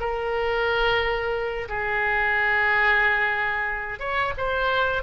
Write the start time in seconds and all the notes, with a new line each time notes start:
0.00 A#4
1.69 G#4
4.00 C#5
4.38 C5